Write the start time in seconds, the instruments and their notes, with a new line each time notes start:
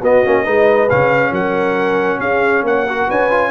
0.00 tuba B3, trombone B3, horn F#4, trumpet D#5
0.24 tuba A#3, trombone C#4
0.43 tuba G#3, trombone D#4, horn B4
0.89 tuba C#3, trombone C#4, trumpet F5
1.31 tuba F#3, horn A#4, trumpet F#5
2.19 tuba C#4, horn G#4, trumpet F5
2.62 tuba A#3, horn C#5, trumpet F#5
2.87 trombone F#4, horn A#4
3.07 tuba C#4, horn B4, trumpet G#5
3.29 trombone F4